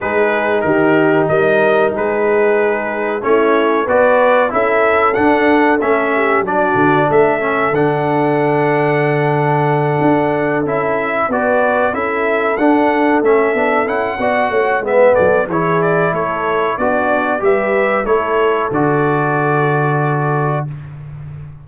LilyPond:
<<
  \new Staff \with { instrumentName = "trumpet" } { \time 4/4 \tempo 4 = 93 b'4 ais'4 dis''4 b'4~ | b'4 cis''4 d''4 e''4 | fis''4 e''4 d''4 e''4 | fis''1~ |
fis''8 e''4 d''4 e''4 fis''8~ | fis''8 e''4 fis''4. e''8 d''8 | cis''8 d''8 cis''4 d''4 e''4 | cis''4 d''2. | }
  \new Staff \with { instrumentName = "horn" } { \time 4/4 gis'4 g'4 ais'4 gis'4~ | gis'4 e'4 b'4 a'4~ | a'4. g'8 fis'4 a'4~ | a'1~ |
a'4. b'4 a'4.~ | a'2 d''8 cis''8 b'8 a'8 | gis'4 a'4 d'4 b'4 | a'1 | }
  \new Staff \with { instrumentName = "trombone" } { \time 4/4 dis'1~ | dis'4 cis'4 fis'4 e'4 | d'4 cis'4 d'4. cis'8 | d'1~ |
d'8 e'4 fis'4 e'4 d'8~ | d'8 cis'8 d'8 e'8 fis'4 b4 | e'2 fis'4 g'4 | e'4 fis'2. | }
  \new Staff \with { instrumentName = "tuba" } { \time 4/4 gis4 dis4 g4 gis4~ | gis4 a4 b4 cis'4 | d'4 a4 fis8 d8 a4 | d2.~ d8 d'8~ |
d'8 cis'4 b4 cis'4 d'8~ | d'8 a8 b8 cis'8 b8 a8 gis8 fis8 | e4 a4 b4 g4 | a4 d2. | }
>>